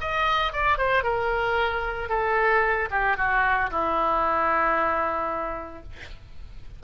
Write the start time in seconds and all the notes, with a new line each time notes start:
0.00 D#5
0.52 D5
0.77 C5
1.03 A#4
2.09 A4
2.90 G4
3.17 F#4
3.70 E4